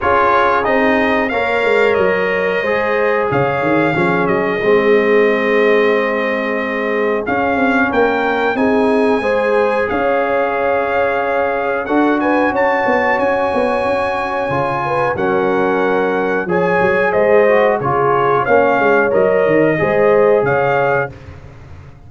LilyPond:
<<
  \new Staff \with { instrumentName = "trumpet" } { \time 4/4 \tempo 4 = 91 cis''4 dis''4 f''4 dis''4~ | dis''4 f''4. dis''4.~ | dis''2. f''4 | g''4 gis''2 f''4~ |
f''2 fis''8 gis''8 a''4 | gis''2. fis''4~ | fis''4 gis''4 dis''4 cis''4 | f''4 dis''2 f''4 | }
  \new Staff \with { instrumentName = "horn" } { \time 4/4 gis'2 cis''2 | c''4 cis''4 gis'2~ | gis'1 | ais'4 gis'4 c''4 cis''4~ |
cis''2 a'8 b'8 cis''4~ | cis''2~ cis''8 b'8 ais'4~ | ais'4 cis''4 c''4 gis'4 | cis''2 c''4 cis''4 | }
  \new Staff \with { instrumentName = "trombone" } { \time 4/4 f'4 dis'4 ais'2 | gis'2 cis'4 c'4~ | c'2. cis'4~ | cis'4 dis'4 gis'2~ |
gis'2 fis'2~ | fis'2 f'4 cis'4~ | cis'4 gis'4. fis'8 f'4 | cis'4 ais'4 gis'2 | }
  \new Staff \with { instrumentName = "tuba" } { \time 4/4 cis'4 c'4 ais8 gis8 fis4 | gis4 cis8 dis8 f8 fis8 gis4~ | gis2. cis'8 c'8 | ais4 c'4 gis4 cis'4~ |
cis'2 d'4 cis'8 b8 | cis'8 b8 cis'4 cis4 fis4~ | fis4 f8 fis8 gis4 cis4 | ais8 gis8 fis8 dis8 gis4 cis4 | }
>>